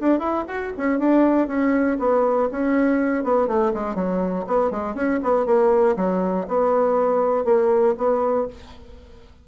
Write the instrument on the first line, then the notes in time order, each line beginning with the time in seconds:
bassoon
0.00 D4
0.19 E4
0.48 F#4
0.77 C#4
0.99 D4
1.47 C#4
1.99 B3
2.51 C#4
3.24 B3
3.47 A3
3.74 G#3
3.95 F#3
4.47 B3
4.71 G#3
4.95 C#4
5.22 B3
5.46 A#3
5.96 F#3
6.48 B3
7.45 A#3
7.97 B3